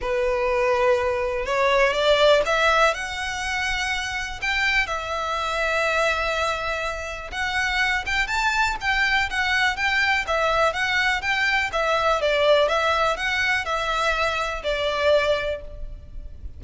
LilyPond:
\new Staff \with { instrumentName = "violin" } { \time 4/4 \tempo 4 = 123 b'2. cis''4 | d''4 e''4 fis''2~ | fis''4 g''4 e''2~ | e''2. fis''4~ |
fis''8 g''8 a''4 g''4 fis''4 | g''4 e''4 fis''4 g''4 | e''4 d''4 e''4 fis''4 | e''2 d''2 | }